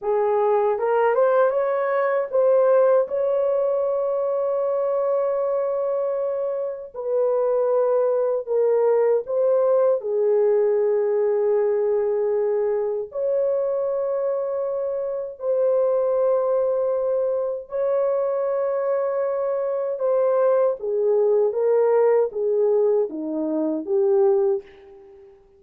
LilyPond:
\new Staff \with { instrumentName = "horn" } { \time 4/4 \tempo 4 = 78 gis'4 ais'8 c''8 cis''4 c''4 | cis''1~ | cis''4 b'2 ais'4 | c''4 gis'2.~ |
gis'4 cis''2. | c''2. cis''4~ | cis''2 c''4 gis'4 | ais'4 gis'4 dis'4 g'4 | }